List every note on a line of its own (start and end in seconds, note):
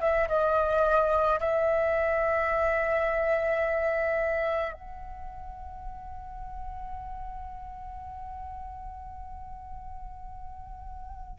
0.00 0.28 E5
0.28 1.39 D#5
1.40 4.73 E5
4.73 11.39 F#5